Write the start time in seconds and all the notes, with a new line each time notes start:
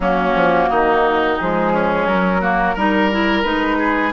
0.00 F#3 A#3 C#4 F#4
0.34 F3
0.69 D#3 D#4
1.39 F3 G#3 G#4
1.72 C#4
2.06 F#3 A#4
2.41 A#3 F#4
2.74 G3 D#4 A#4
3.11 E4
3.43 G#3 D#4 B4
3.78 G#4